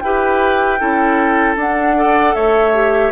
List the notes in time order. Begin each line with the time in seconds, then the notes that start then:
0.00 E4 G4 B4 G5
0.79 C#4 E4 A4
1.57 D4 F#5
1.96 A4 D5
2.35 A3 C#5 E5
2.74 G4